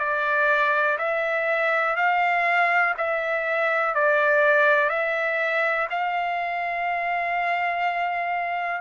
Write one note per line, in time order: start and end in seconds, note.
0.00 0.98 D5
0.99 1.97 E5
1.97 2.95 F5
2.98 3.95 E5
3.95 4.90 D5
4.90 5.88 E5
5.91 8.81 F5